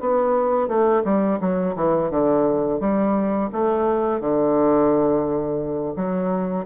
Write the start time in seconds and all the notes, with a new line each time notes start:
0.00 B3
0.68 A3
1.04 G3
1.40 F#3
1.75 E3
2.10 D3
2.80 G3
3.52 A3
4.20 D3
5.96 F#3